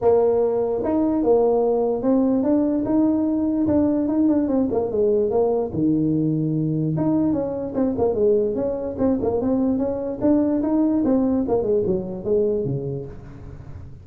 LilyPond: \new Staff \with { instrumentName = "tuba" } { \time 4/4 \tempo 4 = 147 ais2 dis'4 ais4~ | ais4 c'4 d'4 dis'4~ | dis'4 d'4 dis'8 d'8 c'8 ais8 | gis4 ais4 dis2~ |
dis4 dis'4 cis'4 c'8 ais8 | gis4 cis'4 c'8 ais8 c'4 | cis'4 d'4 dis'4 c'4 | ais8 gis8 fis4 gis4 cis4 | }